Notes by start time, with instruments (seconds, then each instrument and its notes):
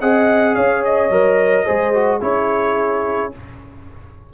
0.00 tuba C4, trombone G#4, horn D#5, trumpet F#5
0.55 tuba C#4, horn C#5, trumpet F5
0.84 trumpet D#5
1.09 tuba F#3, trombone A#4
1.65 tuba G#3, trombone G#4, horn C5
1.94 trombone F#4
2.20 tuba C#4, trombone E4, horn G#4, trumpet C#5